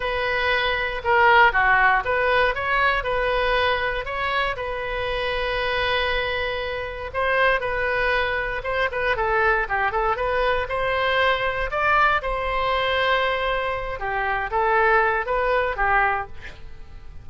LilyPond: \new Staff \with { instrumentName = "oboe" } { \time 4/4 \tempo 4 = 118 b'2 ais'4 fis'4 | b'4 cis''4 b'2 | cis''4 b'2.~ | b'2 c''4 b'4~ |
b'4 c''8 b'8 a'4 g'8 a'8 | b'4 c''2 d''4 | c''2.~ c''8 g'8~ | g'8 a'4. b'4 g'4 | }